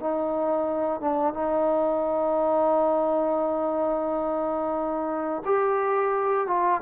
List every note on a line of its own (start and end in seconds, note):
0.00 1.01 D#4
1.01 1.34 D4
1.34 5.43 D#4
5.45 6.47 G4
6.47 6.82 F4